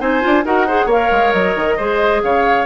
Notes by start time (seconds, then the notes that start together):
0.00 C4 D#4 C5 G#5
0.21 D4 F4
0.45 D#4 F#4 A#4 F#5
0.67 G#4 C5
0.86 A#3 A#4 C#5 F5
1.11 G#3
1.33 F#3 D#5
1.56 D#3
1.77 G#3 G#4 C5
2.23 C#3 C#5 F5